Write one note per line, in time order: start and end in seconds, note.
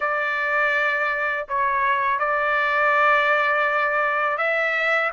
0.00 1.46 D5
1.48 2.19 C#5
2.19 4.37 D5
4.37 5.11 E5